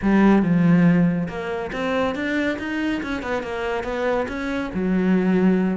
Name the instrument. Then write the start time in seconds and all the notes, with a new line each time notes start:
cello
0.02 G3
0.42 F3
1.28 A#3
1.72 C4
2.15 D4
2.59 D#4
3.02 C#4
3.22 B3
3.42 A#3
3.83 B3
4.28 C#4
4.74 F#3